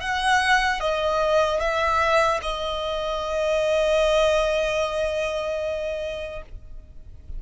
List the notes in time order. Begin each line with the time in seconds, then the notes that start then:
0.00 F#5
0.80 D#5
1.60 E5
2.42 D#5